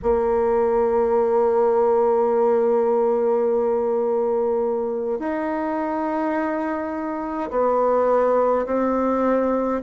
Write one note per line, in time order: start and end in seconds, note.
0.02 5.19 A#3
5.19 7.50 D#4
7.50 8.65 B3
8.65 9.81 C4